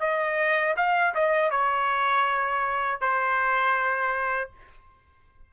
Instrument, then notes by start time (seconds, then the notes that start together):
trumpet
0.00 D#5
0.77 F5
1.15 D#5
1.51 C#5
3.01 C5